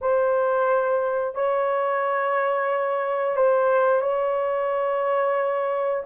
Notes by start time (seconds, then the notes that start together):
0.01 C5
1.35 C#5
3.36 C5
4.01 C#5